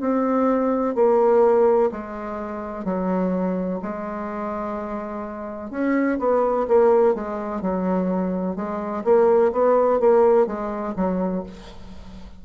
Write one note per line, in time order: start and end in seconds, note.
0.00 0.95 C4
0.95 1.90 A#3
1.91 2.84 G#3
2.84 3.80 F#3
3.82 5.71 G#3
5.71 6.18 C#4
6.19 6.66 B3
6.68 7.14 A#3
7.14 7.61 G#3
7.61 8.56 F#3
8.56 9.03 G#3
9.04 9.52 A#3
9.52 10.00 B3
10.00 10.46 A#3
10.46 10.94 G#3
10.96 11.43 F#3